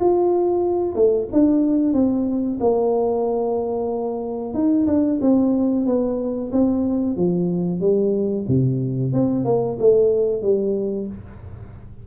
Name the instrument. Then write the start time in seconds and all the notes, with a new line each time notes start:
tuba
0.00 F4
0.95 A3
1.32 D4
1.93 C4
2.60 A#3
4.54 D#4
4.87 D4
5.21 C4
5.86 B3
6.52 C4
7.16 F3
7.80 G3
8.48 C3
9.12 C4
9.45 A#3
9.79 A3
10.42 G3